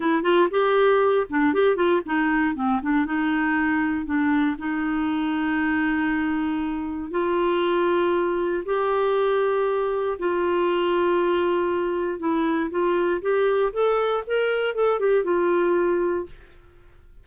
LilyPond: \new Staff \with { instrumentName = "clarinet" } { \time 4/4 \tempo 4 = 118 e'8 f'8 g'4. d'8 g'8 f'8 | dis'4 c'8 d'8 dis'2 | d'4 dis'2.~ | dis'2 f'2~ |
f'4 g'2. | f'1 | e'4 f'4 g'4 a'4 | ais'4 a'8 g'8 f'2 | }